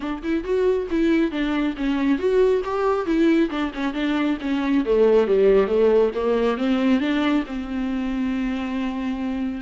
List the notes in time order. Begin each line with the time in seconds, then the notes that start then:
0.00 D4
0.22 E4
0.44 F#4
0.90 E4
1.31 D4
1.76 C#4
2.18 F#4
2.64 G4
3.06 E4
3.50 D4
3.73 C#4
3.93 D4
4.40 C#4
4.85 A3
5.27 G3
5.67 A3
6.15 A#3
6.57 C4
7.00 D4
7.46 C4